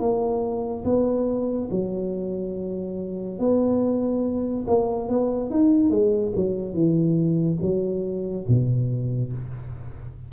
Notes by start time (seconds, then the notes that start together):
0.00 A#3
0.85 B3
1.71 F#3
3.39 B3
4.67 A#3
5.09 B3
5.51 D#4
5.91 G#3
6.36 F#3
6.74 E3
7.62 F#3
8.49 B2